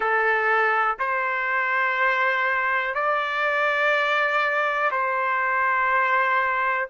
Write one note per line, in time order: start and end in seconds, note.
0.00 0.97 A4
0.99 2.94 C5
2.94 4.90 D5
4.91 6.88 C5